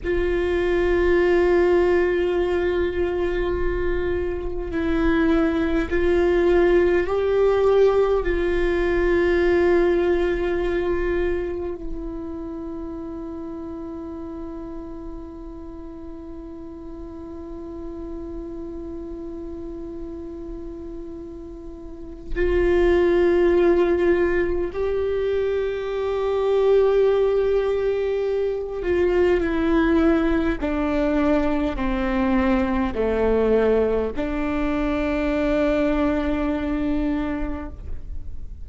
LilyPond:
\new Staff \with { instrumentName = "viola" } { \time 4/4 \tempo 4 = 51 f'1 | e'4 f'4 g'4 f'4~ | f'2 e'2~ | e'1~ |
e'2. f'4~ | f'4 g'2.~ | g'8 f'8 e'4 d'4 c'4 | a4 d'2. | }